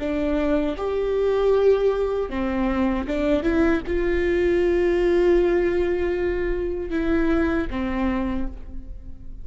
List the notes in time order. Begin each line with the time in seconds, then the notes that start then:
0.00 D4
0.78 G4
2.30 C4
3.08 D4
3.44 E4
3.87 F4
6.91 E4
7.71 C4